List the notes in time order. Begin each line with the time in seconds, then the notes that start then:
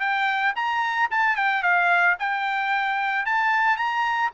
0.00 G5
0.56 A#5
1.11 A5
1.36 G5
1.63 F5
2.19 G5
3.25 A5
3.77 A#5